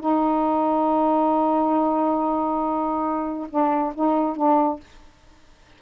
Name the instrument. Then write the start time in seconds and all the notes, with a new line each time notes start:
saxophone
0.00 D#4
3.50 D4
3.95 D#4
4.36 D4